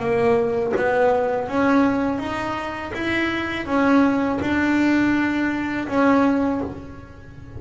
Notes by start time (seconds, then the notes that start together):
0.00 A#3
0.77 B3
1.48 C#4
2.19 D#4
2.94 E4
3.67 C#4
4.42 D4
5.88 C#4